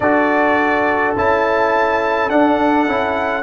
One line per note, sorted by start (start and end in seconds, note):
0.00 1.15 D4
0.00 1.17 F#4
0.00 3.42 A4
0.00 1.14 D5
1.16 2.30 C#4
1.16 2.29 E4
1.16 2.29 A5
2.29 2.87 D4
2.29 3.42 F#5
2.87 3.42 C#4
2.87 3.42 E4